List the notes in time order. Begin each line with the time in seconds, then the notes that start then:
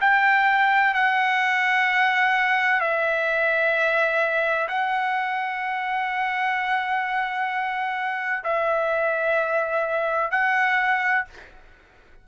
0.00 G5
0.94 F#5
2.80 E5
4.68 F#5
8.44 E5
10.31 F#5